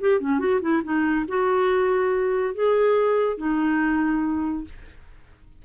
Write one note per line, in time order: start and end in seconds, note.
0.00 0.20 G4
0.20 0.39 C#4
0.39 0.60 F#4
0.61 0.82 E4
0.83 1.25 D#4
1.28 2.54 F#4
2.54 3.37 G#4
3.37 4.64 D#4